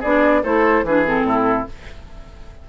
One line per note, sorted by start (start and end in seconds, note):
0.00 0.44 B3
0.00 0.43 D4
0.00 0.41 G#4
0.00 0.43 D5
0.43 0.84 A3
0.43 0.85 E4
0.43 0.85 A4
0.43 0.85 C5
0.84 1.23 E3
0.84 1.05 D4
0.84 1.27 G#4
0.84 1.06 B4
1.05 1.67 C4
1.05 1.69 A4
1.23 1.65 A2
1.23 1.69 E4